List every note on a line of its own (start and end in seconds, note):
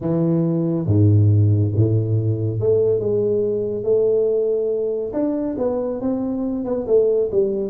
0.00 0.86 E3
0.86 1.71 G#2
1.75 2.59 A2
2.59 2.99 A3
2.99 3.83 G#3
3.83 5.12 A3
5.13 5.56 D4
5.58 6.01 B3
6.01 6.64 C4
6.64 6.86 B3
6.87 7.30 A3
7.31 7.69 G3